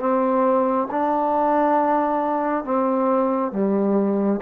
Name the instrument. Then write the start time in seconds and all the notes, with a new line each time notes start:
trombone
0.00 C4
0.91 D4
2.65 C4
3.53 G3